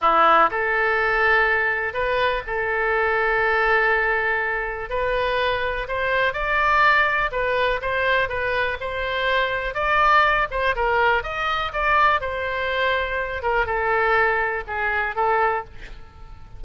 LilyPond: \new Staff \with { instrumentName = "oboe" } { \time 4/4 \tempo 4 = 123 e'4 a'2. | b'4 a'2.~ | a'2 b'2 | c''4 d''2 b'4 |
c''4 b'4 c''2 | d''4. c''8 ais'4 dis''4 | d''4 c''2~ c''8 ais'8 | a'2 gis'4 a'4 | }